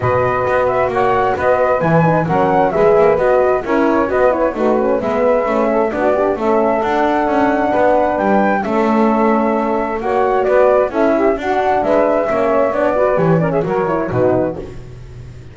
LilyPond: <<
  \new Staff \with { instrumentName = "flute" } { \time 4/4 \tempo 4 = 132 dis''4. e''8 fis''4 dis''4 | gis''4 fis''4 e''4 dis''4 | cis''4 dis''8 cis''8 b'4 e''4~ | e''4 d''4 e''4 fis''4~ |
fis''2 g''4 e''4~ | e''2 fis''4 d''4 | e''4 fis''4 e''2 | d''4 cis''8 d''16 e''16 cis''4 b'4 | }
  \new Staff \with { instrumentName = "saxophone" } { \time 4/4 b'2 cis''4 b'4~ | b'4 ais'4 b'2 | ais'4 b'4 fis'4 b'4~ | b'8 a'8 fis'8 d'8 a'2~ |
a'4 b'2 a'4~ | a'2 cis''4 b'4 | a'8 g'8 fis'4 b'4 cis''4~ | cis''8 b'4 ais'16 gis'16 ais'4 fis'4 | }
  \new Staff \with { instrumentName = "horn" } { \time 4/4 fis'1 | e'8 dis'8 cis'4 gis'4 fis'4 | e'4 fis'8 e'8 dis'8 cis'8 b4 | cis'4 d'8 g'8 cis'4 d'4~ |
d'2. cis'4~ | cis'2 fis'2 | e'4 d'2 cis'4 | d'8 fis'8 g'8 cis'8 fis'8 e'8 dis'4 | }
  \new Staff \with { instrumentName = "double bass" } { \time 4/4 b,4 b4 ais4 b4 | e4 fis4 gis8 ais8 b4 | cis'4 b4 a4 gis4 | a4 b4 a4 d'4 |
cis'4 b4 g4 a4~ | a2 ais4 b4 | cis'4 d'4 gis4 ais4 | b4 e4 fis4 b,4 | }
>>